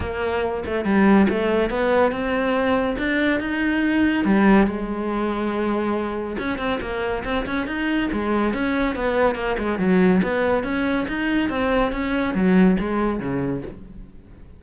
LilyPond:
\new Staff \with { instrumentName = "cello" } { \time 4/4 \tempo 4 = 141 ais4. a8 g4 a4 | b4 c'2 d'4 | dis'2 g4 gis4~ | gis2. cis'8 c'8 |
ais4 c'8 cis'8 dis'4 gis4 | cis'4 b4 ais8 gis8 fis4 | b4 cis'4 dis'4 c'4 | cis'4 fis4 gis4 cis4 | }